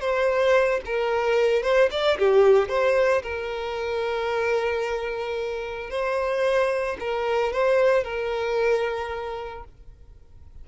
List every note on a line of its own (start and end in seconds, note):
0.00 0.80 C5
0.85 1.63 A#4
1.63 1.89 C5
1.91 2.18 D5
2.18 2.68 G4
2.68 3.22 C5
3.23 5.90 A#4
5.90 6.97 C5
7.00 7.52 A#4
7.52 8.04 C5
8.04 9.64 A#4